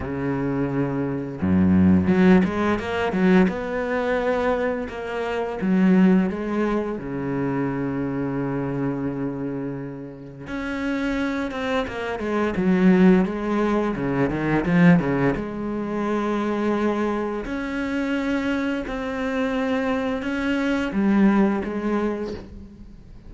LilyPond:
\new Staff \with { instrumentName = "cello" } { \time 4/4 \tempo 4 = 86 cis2 fis,4 fis8 gis8 | ais8 fis8 b2 ais4 | fis4 gis4 cis2~ | cis2. cis'4~ |
cis'8 c'8 ais8 gis8 fis4 gis4 | cis8 dis8 f8 cis8 gis2~ | gis4 cis'2 c'4~ | c'4 cis'4 g4 gis4 | }